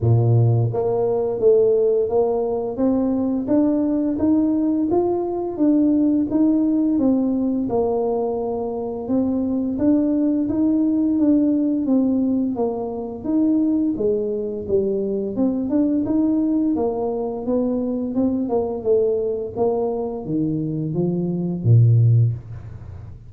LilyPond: \new Staff \with { instrumentName = "tuba" } { \time 4/4 \tempo 4 = 86 ais,4 ais4 a4 ais4 | c'4 d'4 dis'4 f'4 | d'4 dis'4 c'4 ais4~ | ais4 c'4 d'4 dis'4 |
d'4 c'4 ais4 dis'4 | gis4 g4 c'8 d'8 dis'4 | ais4 b4 c'8 ais8 a4 | ais4 dis4 f4 ais,4 | }